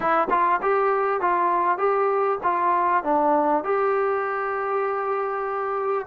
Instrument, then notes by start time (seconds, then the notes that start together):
trombone
0.00 E4
0.30 F4
0.62 G4
1.20 F4
1.78 G4
2.43 F4
3.03 D4
3.64 G4